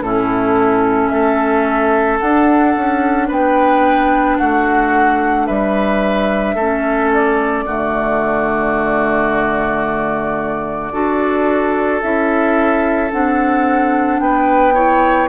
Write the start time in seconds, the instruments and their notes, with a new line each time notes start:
0.00 bassoon A2, clarinet C#4, oboe E4, flute A4
1.08 bassoon A3, oboe A4, flute E5
2.19 bassoon D4, clarinet D4, flute F#5
2.76 bassoon C#4
3.28 bassoon B3, oboe B4, flute G5
4.38 bassoon A3, oboe F#4, flute F#5
5.46 bassoon G3, oboe B4, flute E5
6.55 bassoon A3, clarinet C#4, oboe A4
7.13 flute D5
7.66 bassoon D3, clarinet A3, oboe F#4
10.92 bassoon D4, clarinet F#4, oboe A4
12.02 bassoon C#4, clarinet E4, flute E5
13.11 bassoon C4, clarinet D4, flute F#5
14.19 bassoon B3, oboe B4, flute G5
14.74 clarinet E4, oboe C#5